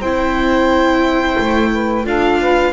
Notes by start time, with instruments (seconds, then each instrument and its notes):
0.00 double bass C4, viola E4, saxophone C5, violin G5
1.39 double bass A3
1.75 saxophone B4
2.05 double bass D4, viola F4, saxophone A4, violin F5
2.41 saxophone B4